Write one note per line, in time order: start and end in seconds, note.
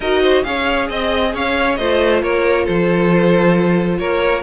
0.00 0.44 D#4
0.00 0.44 F#4
0.00 0.22 A#4
0.00 0.44 D#5
0.22 0.44 C5
0.44 0.89 C#4
0.44 1.77 G#4
0.44 0.87 C#5
0.44 0.88 F5
0.87 1.34 C4
0.87 1.32 D#5
0.87 1.35 D#5
1.34 1.78 C#4
1.34 1.78 C#5
1.34 1.75 F5
1.75 2.22 A3
1.75 4.42 F4
1.75 2.22 C5
1.75 2.20 D#5
2.22 2.67 A#3
2.22 2.64 A#4
2.22 2.66 C#5
2.64 3.99 F3
2.64 3.97 A4
2.64 3.98 C5
3.98 4.42 A#3
3.98 4.42 A#4
3.98 4.42 C#5